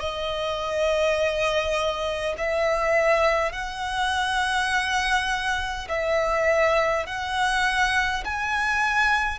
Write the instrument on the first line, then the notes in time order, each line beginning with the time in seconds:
violin
0.00 D#5
2.38 E5
3.53 F#5
5.89 E5
7.06 F#5
8.25 G#5